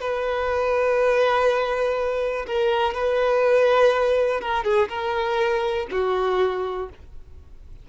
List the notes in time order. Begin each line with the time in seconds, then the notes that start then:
0.00 B4
2.46 A#4
2.94 B4
4.40 A#4
4.64 G#4
4.88 A#4
5.91 F#4